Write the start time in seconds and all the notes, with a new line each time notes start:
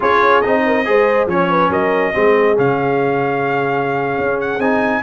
0.00 C#4 F4 G#4 C#5
0.41 C4 D#4 D#5
0.65 A#4
0.84 G#3 G#4 C5
1.26 F3 C#4 C#5
1.50 B4
1.69 F#3 A#4 D#5
2.13 G#3 C4 G#4
2.55 C#3 C#4 F5
4.17 C#4
4.40 F#5
4.58 C4 D#4 G#5